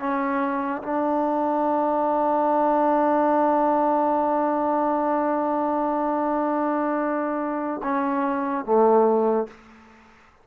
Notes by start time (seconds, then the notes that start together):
0.00 C#4
0.83 D4
7.83 C#4
8.66 A3